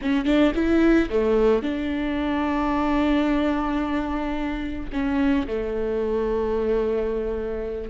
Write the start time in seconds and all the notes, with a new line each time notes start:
0.01 C#4
0.25 D4
0.54 E4
1.09 A3
1.62 D4
4.92 C#4
5.47 A3